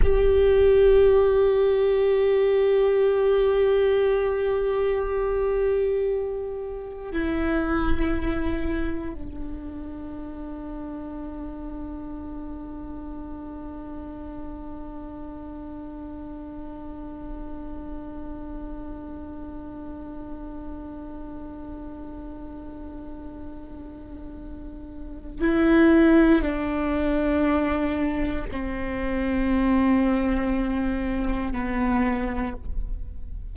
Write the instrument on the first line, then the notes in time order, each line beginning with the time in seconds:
viola
0.02 G4
7.11 E4
9.13 D4
25.41 E4
26.41 D4
28.51 C4
31.52 B3